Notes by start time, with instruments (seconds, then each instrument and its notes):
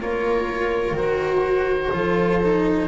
0.00 double bass A#3, cello F4, viola A#4, oboe C#5
0.92 double bass D#3, cello F#4, oboe C5
1.93 double bass F3, cello F4, viola A4
2.44 cello D#4